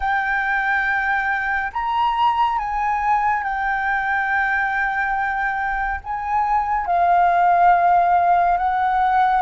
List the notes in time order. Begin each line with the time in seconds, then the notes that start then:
0.00 G5
1.72 A#5
2.58 G#5
3.43 G5
6.03 G#5
6.86 F5
8.57 F#5